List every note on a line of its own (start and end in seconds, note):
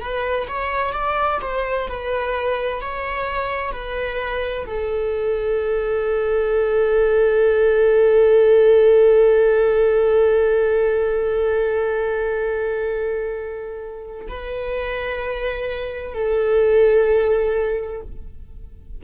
0.00 0.47 B4
0.48 0.92 C#5
0.92 1.39 D5
1.41 1.88 C5
1.88 2.81 B4
2.81 3.72 C#5
3.72 4.66 B4
4.66 14.27 A4
14.28 16.14 B4
16.14 18.01 A4